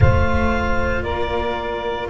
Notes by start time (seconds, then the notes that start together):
0.00 A3 F4 C5 F5
1.02 A#3 A#4 D5